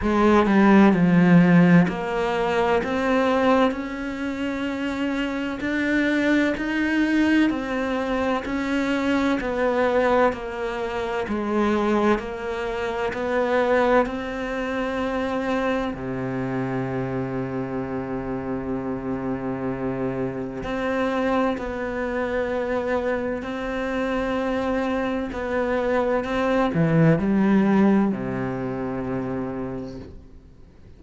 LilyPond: \new Staff \with { instrumentName = "cello" } { \time 4/4 \tempo 4 = 64 gis8 g8 f4 ais4 c'4 | cis'2 d'4 dis'4 | c'4 cis'4 b4 ais4 | gis4 ais4 b4 c'4~ |
c'4 c2.~ | c2 c'4 b4~ | b4 c'2 b4 | c'8 e8 g4 c2 | }